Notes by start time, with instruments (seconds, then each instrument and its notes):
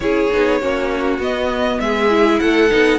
0.00 cello C#4, viola E4, violin G#4 C#5
0.32 cello B3, viola D#4
0.60 cello A#3, viola C#4, violin F#4
1.18 cello B3, viola B3, violin D#5
1.80 cello G#3, violin G#4 E5
2.09 viola E4
2.39 cello A3, violin A4 F#5
2.69 cello B3, viola D#4